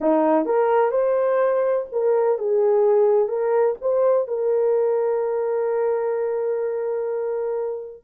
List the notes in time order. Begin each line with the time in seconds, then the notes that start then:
0.00 D#4
0.45 A#4
0.91 C5
1.92 A#4
2.38 G#4
3.28 A#4
3.81 C5
4.27 A#4